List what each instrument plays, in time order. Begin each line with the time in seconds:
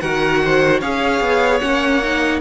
0.00 cello D#3, viola F#4, violin A#4 F#5
0.45 violin C5
0.80 cello C#4, viola G#4, violin C#5 F5
1.21 cello B3
1.59 cello A#3, viola C#4, violin F#5
2.03 viola D#4